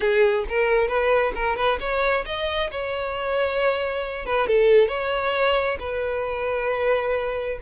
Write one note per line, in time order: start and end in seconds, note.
0.00 0.45 G#4
0.48 0.88 A#4
0.88 1.32 B4
1.35 1.56 A#4
1.56 1.78 B4
1.80 2.24 C#5
2.25 2.70 D#5
2.71 4.25 C#5
4.25 4.47 B4
4.47 4.88 A4
4.88 5.77 C#5
5.79 7.58 B4